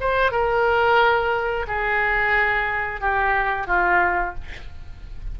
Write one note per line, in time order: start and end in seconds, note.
0.00 0.31 C5
0.31 1.66 A#4
1.67 3.00 G#4
3.00 3.67 G4
3.67 4.34 F4